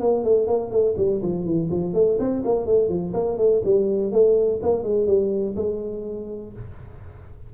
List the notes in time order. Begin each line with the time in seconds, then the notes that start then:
0.00 A#3
0.24 A3
0.47 A#3
0.71 A3
0.98 G3
1.23 F3
1.45 E3
1.71 F3
1.94 A3
2.19 C4
2.45 A#3
2.66 A3
2.89 F3
3.14 A#3
3.38 A3
3.65 G3
4.12 A3
4.63 A#3
4.83 G#3
5.07 G3
5.56 G#3